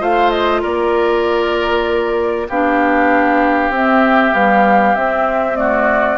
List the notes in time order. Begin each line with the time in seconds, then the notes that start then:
0.00 A3 F4 C5 F5
0.30 D#5
0.62 A#3 A#4 D5
2.48 B3 D4 G4 F5
3.69 C4 E5
4.33 G3 B3 F5
4.95 C4 E5
5.55 A3 F#4 D5